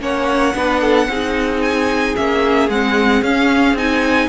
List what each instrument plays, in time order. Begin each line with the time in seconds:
0.00 cello A#3, viola C#4, violin C#5 F#5
0.55 cello B3, viola D4, violin B4
0.81 violin A4
1.07 cello C4, viola D#4, violin G#4
1.62 violin G#5
2.16 cello A#3, viola C#4, violin E5
2.69 cello G#3, viola C4, violin F#5
3.22 cello C#4, viola C#4, violin F5
3.73 cello C4, viola D#4, violin G#5